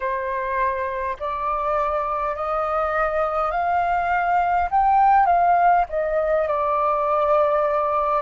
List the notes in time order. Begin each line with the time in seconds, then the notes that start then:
0.00 C5
1.19 D5
2.35 D#5
3.51 F5
4.70 G5
5.26 F5
5.89 D#5
6.47 D5